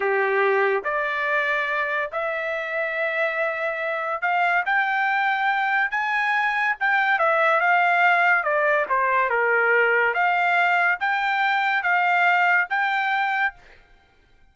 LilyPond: \new Staff \with { instrumentName = "trumpet" } { \time 4/4 \tempo 4 = 142 g'2 d''2~ | d''4 e''2.~ | e''2 f''4 g''4~ | g''2 gis''2 |
g''4 e''4 f''2 | d''4 c''4 ais'2 | f''2 g''2 | f''2 g''2 | }